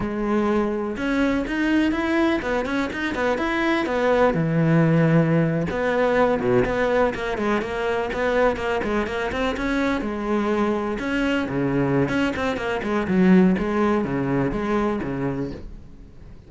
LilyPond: \new Staff \with { instrumentName = "cello" } { \time 4/4 \tempo 4 = 124 gis2 cis'4 dis'4 | e'4 b8 cis'8 dis'8 b8 e'4 | b4 e2~ e8. b16~ | b4~ b16 b,8 b4 ais8 gis8 ais16~ |
ais8. b4 ais8 gis8 ais8 c'8 cis'16~ | cis'8. gis2 cis'4 cis16~ | cis4 cis'8 c'8 ais8 gis8 fis4 | gis4 cis4 gis4 cis4 | }